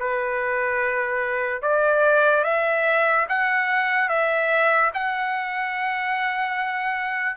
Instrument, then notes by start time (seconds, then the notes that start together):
trumpet
0.00 B4
1.63 D5
2.44 E5
3.29 F#5
4.09 E5
4.95 F#5